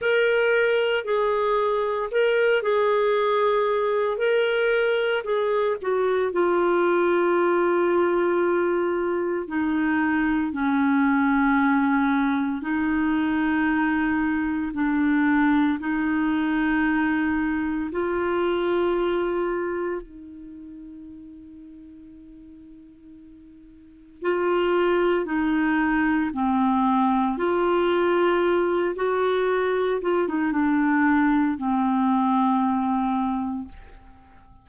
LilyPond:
\new Staff \with { instrumentName = "clarinet" } { \time 4/4 \tempo 4 = 57 ais'4 gis'4 ais'8 gis'4. | ais'4 gis'8 fis'8 f'2~ | f'4 dis'4 cis'2 | dis'2 d'4 dis'4~ |
dis'4 f'2 dis'4~ | dis'2. f'4 | dis'4 c'4 f'4. fis'8~ | fis'8 f'16 dis'16 d'4 c'2 | }